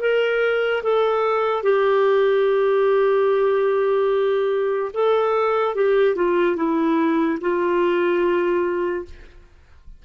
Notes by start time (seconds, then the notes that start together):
0.00 A#4
0.83 A4
1.63 G4
4.93 A4
5.75 G4
6.15 F4
6.56 E4
7.40 F4